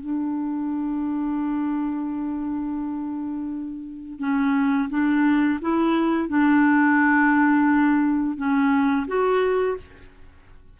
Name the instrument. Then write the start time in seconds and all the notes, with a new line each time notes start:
clarinet
0.00 D4
4.19 C#4
4.89 D4
5.61 E4
6.29 D4
8.37 C#4
9.07 F#4